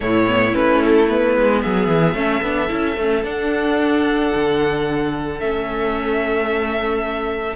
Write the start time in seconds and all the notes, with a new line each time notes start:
0.00 A2 A3 E4 C#5
0.27 B3
0.53 A3 C#4 B4
0.83 A4
1.08 B3 B4
1.37 G#3
1.61 F#3 G#4 E5
1.87 E3
2.14 A3 C#4 A4
2.41 B3 D4
2.68 C#4 E4
2.96 A3 C#4
3.23 D4 F#5
4.34 D3
5.39 A3 C#4 E5